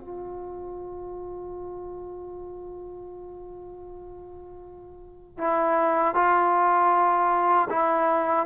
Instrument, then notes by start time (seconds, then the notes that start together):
trombone
0.00 F4
5.38 E4
6.15 F4
7.69 E4